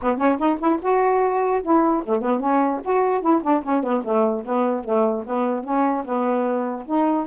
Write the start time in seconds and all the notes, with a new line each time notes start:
0.02 B3
0.17 C#4
0.38 D#4
0.59 E4
0.81 F#4
1.63 E4
2.05 A3
2.21 B3
2.40 C#4
2.84 F#4
3.21 E4
3.42 D4
3.63 C#4
3.83 B3
4.04 A3
4.44 B3
4.84 A3
5.26 B3
5.64 C#4
6.05 B3
6.86 D#4